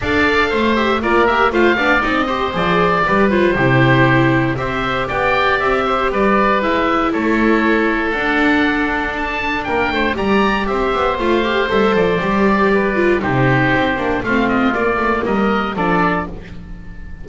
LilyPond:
<<
  \new Staff \with { instrumentName = "oboe" } { \time 4/4 \tempo 4 = 118 f''4. e''8 d''8 e''8 f''4 | dis''4 d''4. c''4.~ | c''4 e''4 g''4 e''4 | d''4 e''4 cis''2 |
fis''2 a''4 g''4 | ais''4 e''4 f''4 e''8 d''8~ | d''2 c''2 | f''8 dis''8 d''4 dis''4 d''4 | }
  \new Staff \with { instrumentName = "oboe" } { \time 4/4 d''4 c''4 ais'4 c''8 d''8~ | d''8 c''4. b'4 g'4~ | g'4 c''4 d''4. c''8 | b'2 a'2~ |
a'2. ais'8 c''8 | d''4 c''2.~ | c''4 b'4 g'2 | f'2 ais'4 a'4 | }
  \new Staff \with { instrumentName = "viola" } { \time 4/4 a'4. g'8 f'8 g'8 f'8 d'8 | dis'8 g'8 gis'4 g'8 f'8 e'4~ | e'4 g'2.~ | g'4 e'2. |
d'1 | g'2 f'8 g'8 a'4 | g'4. f'8 dis'4. d'8 | c'4 ais2 d'4 | }
  \new Staff \with { instrumentName = "double bass" } { \time 4/4 d'4 a4 ais4 a8 b8 | c'4 f4 g4 c4~ | c4 c'4 b4 c'4 | g4 gis4 a2 |
d'2. ais8 a8 | g4 c'8 b8 a4 g8 f8 | g2 c4 c'8 ais8 | a4 ais8 a8 g4 f4 | }
>>